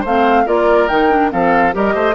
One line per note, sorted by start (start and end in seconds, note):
0.00 0.46 A3
0.00 0.42 C5
0.00 0.47 F5
0.07 0.46 C4
0.46 0.89 A#3
0.46 0.88 F4
0.46 1.30 A#4
0.46 0.88 D5
0.88 1.32 D#3
0.88 1.10 D#4
0.88 1.30 G5
1.10 1.30 D4
1.30 1.74 F3
1.30 1.72 C4
1.30 1.74 A4
1.30 1.74 F5
1.72 1.94 G3
1.72 2.14 G4
1.72 1.94 A#4
1.72 2.15 D#5
1.94 2.15 A3
1.94 2.15 C5